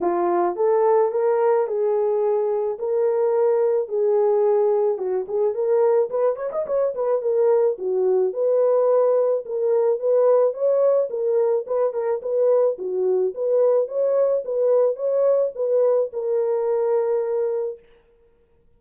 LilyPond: \new Staff \with { instrumentName = "horn" } { \time 4/4 \tempo 4 = 108 f'4 a'4 ais'4 gis'4~ | gis'4 ais'2 gis'4~ | gis'4 fis'8 gis'8 ais'4 b'8 cis''16 dis''16 | cis''8 b'8 ais'4 fis'4 b'4~ |
b'4 ais'4 b'4 cis''4 | ais'4 b'8 ais'8 b'4 fis'4 | b'4 cis''4 b'4 cis''4 | b'4 ais'2. | }